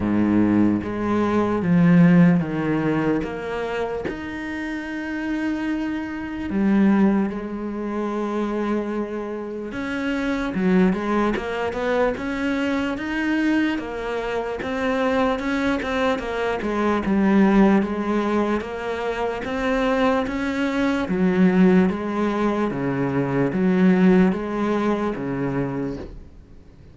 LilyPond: \new Staff \with { instrumentName = "cello" } { \time 4/4 \tempo 4 = 74 gis,4 gis4 f4 dis4 | ais4 dis'2. | g4 gis2. | cis'4 fis8 gis8 ais8 b8 cis'4 |
dis'4 ais4 c'4 cis'8 c'8 | ais8 gis8 g4 gis4 ais4 | c'4 cis'4 fis4 gis4 | cis4 fis4 gis4 cis4 | }